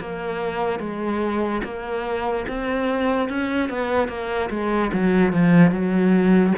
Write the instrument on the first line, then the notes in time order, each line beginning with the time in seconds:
cello
0.00 A#3
0.79 G#3
1.64 A#3
2.48 C4
3.29 C#4
3.69 B3
4.08 A#3
4.50 G#3
4.93 F#3
5.32 F3
5.71 F#3